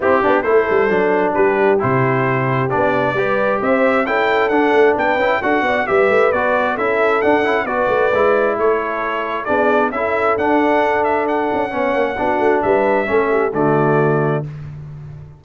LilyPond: <<
  \new Staff \with { instrumentName = "trumpet" } { \time 4/4 \tempo 4 = 133 g'4 c''2 b'4 | c''2 d''2 | e''4 g''4 fis''4 g''4 | fis''4 e''4 d''4 e''4 |
fis''4 d''2 cis''4~ | cis''4 d''4 e''4 fis''4~ | fis''8 e''8 fis''2. | e''2 d''2 | }
  \new Staff \with { instrumentName = "horn" } { \time 4/4 e'8 d'8 a'2 g'4~ | g'2. b'4 | c''4 a'2 b'4 | a'8 d''8 b'2 a'4~ |
a'4 b'2 a'4~ | a'4 gis'4 a'2~ | a'2 cis''4 fis'4 | b'4 a'8 g'8 fis'2 | }
  \new Staff \with { instrumentName = "trombone" } { \time 4/4 c'8 d'8 e'4 d'2 | e'2 d'4 g'4~ | g'4 e'4 d'4. e'8 | fis'4 g'4 fis'4 e'4 |
d'8 e'8 fis'4 e'2~ | e'4 d'4 e'4 d'4~ | d'2 cis'4 d'4~ | d'4 cis'4 a2 | }
  \new Staff \with { instrumentName = "tuba" } { \time 4/4 c'8 b8 a8 g8 fis4 g4 | c2 b4 g4 | c'4 cis'4 d'8 a8 b8 cis'8 | d'8 b8 g8 a8 b4 cis'4 |
d'8 cis'8 b8 a8 gis4 a4~ | a4 b4 cis'4 d'4~ | d'4. cis'8 b8 ais8 b8 a8 | g4 a4 d2 | }
>>